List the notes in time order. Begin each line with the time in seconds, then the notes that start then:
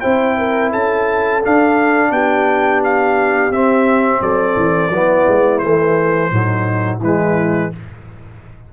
0.00 C4 E4 C5 G5
0.37 A#4
0.71 C#4 A4 A5
1.42 D4 F5
2.11 B3 G4 G5
2.83 F5
3.50 C4 E5
4.20 F#3 A4 D5
4.56 E3
4.89 F#3 B3 E4
5.28 G#3
5.59 E3 A3 C5
6.30 A2 F#3 D#4
6.99 E3 G#3 E4 B4